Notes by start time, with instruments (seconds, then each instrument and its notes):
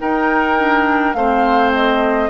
0.00 clarinet D#4, bassoon D#4, oboe A#4, flute G5
0.58 clarinet D4
1.13 bassoon A3, clarinet C4, oboe C5, flute F5
1.73 flute D#5